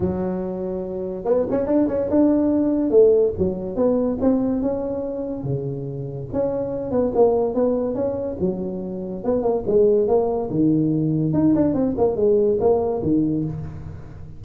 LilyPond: \new Staff \with { instrumentName = "tuba" } { \time 4/4 \tempo 4 = 143 fis2. b8 cis'8 | d'8 cis'8 d'2 a4 | fis4 b4 c'4 cis'4~ | cis'4 cis2 cis'4~ |
cis'8 b8 ais4 b4 cis'4 | fis2 b8 ais8 gis4 | ais4 dis2 dis'8 d'8 | c'8 ais8 gis4 ais4 dis4 | }